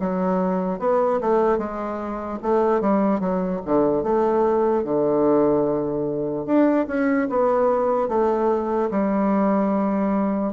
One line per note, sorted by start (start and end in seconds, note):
0.00 0.80 F#3
0.80 1.20 B3
1.21 1.58 A3
1.58 2.39 G#3
2.42 2.81 A3
2.81 3.20 G3
3.20 3.60 F#3
3.65 4.03 D3
4.03 4.84 A3
4.84 6.46 D3
6.46 6.87 D4
6.87 7.28 C#4
7.30 8.09 B3
8.09 8.90 A3
8.91 10.53 G3